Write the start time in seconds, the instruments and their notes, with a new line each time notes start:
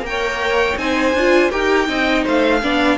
0.00 cello A#3, viola A#4, violin G5
0.08 violin C#5
0.76 cello C4, viola D#4, violin C5 G#5
1.14 cello D4, viola F4
1.50 cello D#4, viola G4, violin A#4 G5
1.87 cello C4, viola D#4, violin D#5
2.23 cello A3, violin C5 F5
2.62 cello B3, viola D4, violin D5